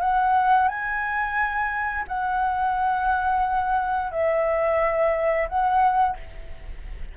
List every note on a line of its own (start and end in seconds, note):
0.00 0.68 F#5
0.68 2.05 G#5
2.08 4.11 F#5
4.11 5.48 E5
5.49 6.17 F#5